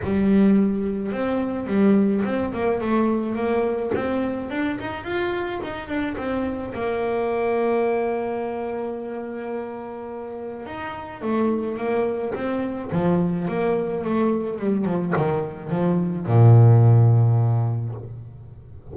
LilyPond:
\new Staff \with { instrumentName = "double bass" } { \time 4/4 \tempo 4 = 107 g2 c'4 g4 | c'8 ais8 a4 ais4 c'4 | d'8 dis'8 f'4 dis'8 d'8 c'4 | ais1~ |
ais2. dis'4 | a4 ais4 c'4 f4 | ais4 a4 g8 f8 dis4 | f4 ais,2. | }